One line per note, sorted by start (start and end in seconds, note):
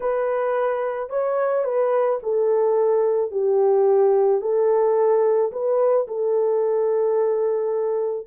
0.00 1.09 B4
1.09 1.64 C#5
1.64 2.19 B4
2.22 3.31 A4
3.31 4.41 G4
4.41 5.51 A4
5.51 6.07 B4
6.07 8.27 A4